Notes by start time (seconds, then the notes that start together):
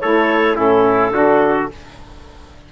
0.00 A3 E4 A4 C#5
0.55 A2 C#4 E4 A4
1.12 D3 D4 F#4